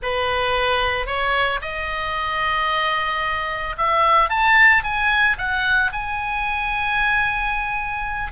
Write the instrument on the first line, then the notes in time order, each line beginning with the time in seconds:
oboe
0.02 B4
1.06 C#5
1.61 D#5
3.77 E5
4.29 A5
4.83 G#5
5.38 F#5
5.92 G#5